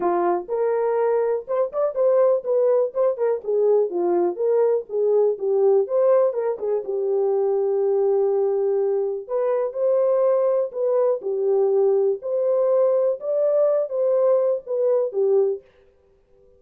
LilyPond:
\new Staff \with { instrumentName = "horn" } { \time 4/4 \tempo 4 = 123 f'4 ais'2 c''8 d''8 | c''4 b'4 c''8 ais'8 gis'4 | f'4 ais'4 gis'4 g'4 | c''4 ais'8 gis'8 g'2~ |
g'2. b'4 | c''2 b'4 g'4~ | g'4 c''2 d''4~ | d''8 c''4. b'4 g'4 | }